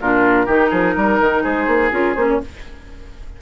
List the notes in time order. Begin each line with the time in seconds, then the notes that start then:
0.00 A#2 D4 F4 A#4
0.45 D#3 D#4 G4
0.70 F3 G#4
0.96 G3 A#4
1.20 D#3
1.43 G#3 G#4 C5
1.67 A#3
1.91 C#4 F4 A#4
2.14 A#3 C#4 C5
2.29 C#5